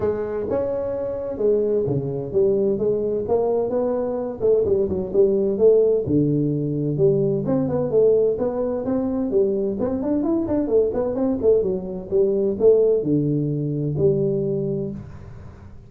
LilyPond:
\new Staff \with { instrumentName = "tuba" } { \time 4/4 \tempo 4 = 129 gis4 cis'2 gis4 | cis4 g4 gis4 ais4 | b4. a8 g8 fis8 g4 | a4 d2 g4 |
c'8 b8 a4 b4 c'4 | g4 c'8 d'8 e'8 d'8 a8 b8 | c'8 a8 fis4 g4 a4 | d2 g2 | }